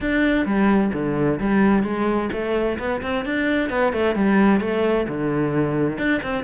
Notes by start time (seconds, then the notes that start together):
0.00 D4
0.45 G3
0.93 D3
1.40 G3
1.83 G#3
2.32 A3
2.78 B3
3.02 C4
3.25 D4
3.69 B3
3.93 A3
4.15 G3
4.60 A3
5.07 D3
5.97 D4
6.23 C4